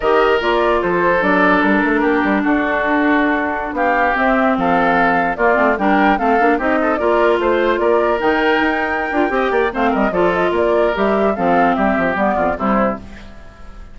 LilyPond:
<<
  \new Staff \with { instrumentName = "flute" } { \time 4/4 \tempo 4 = 148 dis''4 d''4 c''4 d''4 | ais'2 a'2~ | a'4~ a'16 f''4 e''4 f''8.~ | f''4~ f''16 d''4 g''4 f''8.~ |
f''16 dis''4 d''4 c''4 d''8.~ | d''16 g''2.~ g''8. | f''8 dis''8 d''8 dis''8 d''4 e''4 | f''4 e''4 d''4 c''4 | }
  \new Staff \with { instrumentName = "oboe" } { \time 4/4 ais'2 a'2~ | a'4 g'4 fis'2~ | fis'4~ fis'16 g'2 a'8.~ | a'4~ a'16 f'4 ais'4 a'8.~ |
a'16 g'8 a'8 ais'4 c''4 ais'8.~ | ais'2. dis''8 d''8 | c''8 ais'8 a'4 ais'2 | a'4 g'4. f'8 e'4 | }
  \new Staff \with { instrumentName = "clarinet" } { \time 4/4 g'4 f'2 d'4~ | d'1~ | d'2~ d'16 c'4.~ c'16~ | c'4~ c'16 ais8 c'8 d'4 c'8 d'16~ |
d'16 dis'4 f'2~ f'8.~ | f'16 dis'2~ dis'16 f'8 g'4 | c'4 f'2 g'4 | c'2 b4 g4 | }
  \new Staff \with { instrumentName = "bassoon" } { \time 4/4 dis4 ais4 f4 fis4 | g8 a8 ais8 g8 d'2~ | d'4~ d'16 b4 c'4 f8.~ | f4~ f16 ais8 a8 g4 a8 ais16~ |
ais16 c'4 ais4 a4 ais8.~ | ais16 dis4 dis'4~ dis'16 d'8 c'8 ais8 | a8 g8 f4 ais4 g4 | f4 g8 f8 g8 f,8 c4 | }
>>